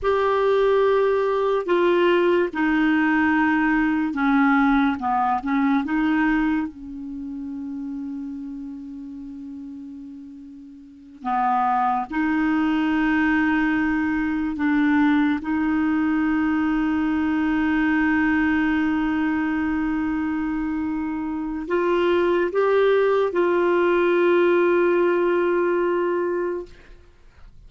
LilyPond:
\new Staff \with { instrumentName = "clarinet" } { \time 4/4 \tempo 4 = 72 g'2 f'4 dis'4~ | dis'4 cis'4 b8 cis'8 dis'4 | cis'1~ | cis'4. b4 dis'4.~ |
dis'4. d'4 dis'4.~ | dis'1~ | dis'2 f'4 g'4 | f'1 | }